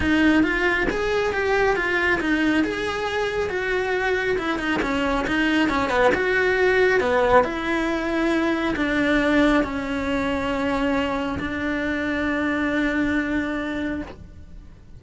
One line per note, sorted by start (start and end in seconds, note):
0.00 0.43 D#4
0.43 0.87 F4
0.90 1.32 G#4
1.32 1.75 G4
1.75 2.19 F4
2.20 2.63 D#4
2.63 3.49 G#4
3.49 4.37 F#4
4.38 4.58 E4
4.58 4.80 D#4
4.82 5.26 C#4
5.27 5.69 D#4
5.69 5.89 C#4
5.89 6.11 B3
6.14 7.00 F#4
7.00 7.44 B3
7.44 8.75 E4
8.76 9.63 D4
9.63 11.38 C#4
11.39 14.01 D4